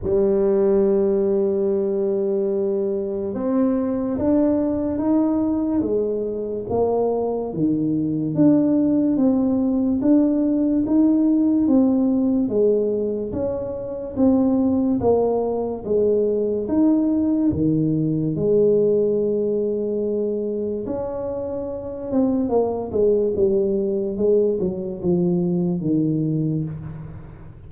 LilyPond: \new Staff \with { instrumentName = "tuba" } { \time 4/4 \tempo 4 = 72 g1 | c'4 d'4 dis'4 gis4 | ais4 dis4 d'4 c'4 | d'4 dis'4 c'4 gis4 |
cis'4 c'4 ais4 gis4 | dis'4 dis4 gis2~ | gis4 cis'4. c'8 ais8 gis8 | g4 gis8 fis8 f4 dis4 | }